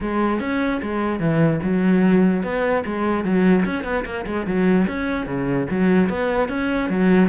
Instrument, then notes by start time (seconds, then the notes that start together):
cello
0.00 G#3
0.40 C#4
0.81 G#3
1.19 E3
1.62 F#3
2.43 B3
2.85 G#3
3.24 F#3
3.65 C#4
3.84 B3
4.05 A#3
4.26 G#3
4.46 F#3
4.87 C#4
5.26 C#3
5.70 F#3
6.09 B3
6.49 C#4
6.89 F#3